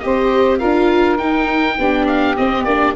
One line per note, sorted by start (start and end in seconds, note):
0.00 0.63 C4
0.00 0.60 G4
0.00 0.59 C5
0.00 0.59 D#5
0.59 1.19 D4
0.59 1.19 F4
0.59 1.76 A#4
0.59 1.18 F5
1.18 1.78 D#4
1.18 2.06 G5
1.78 2.37 B3
1.78 2.37 D4
1.78 2.96 G4
2.07 2.36 F5
2.37 2.66 C4
2.37 2.65 C4
2.37 2.64 D#5
2.64 2.94 A#3
2.64 2.96 D4
2.64 2.94 D5